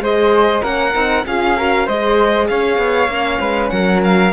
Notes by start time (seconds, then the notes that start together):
0.00 G#3 G#4 C5 D#5
0.62 A#3 C#4 A#4 F#5
0.94 C4 D#4
1.27 C#4 F4 G#4 F5
1.57 F#4 A#4
1.86 G#3 G#4 C5 D#5
2.48 C#4 C#5 F5
2.78 B3
3.08 A#3 C#4
3.40 G#3 B4
3.70 F#3 A#4 F#5
4.04 F5